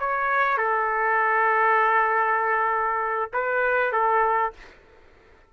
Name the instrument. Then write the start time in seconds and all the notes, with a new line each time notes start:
trumpet
0.00 C#5
0.58 A4
3.34 B4
3.93 A4